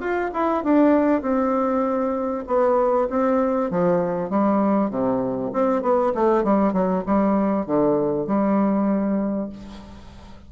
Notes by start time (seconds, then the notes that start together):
0.00 F4
0.34 E4
0.64 D4
1.22 C4
2.47 B3
3.10 C4
3.71 F3
4.30 G3
4.90 C3
5.53 C4
5.82 B3
6.15 A3
6.44 G3
6.73 F#3
7.06 G3
7.66 D3
8.27 G3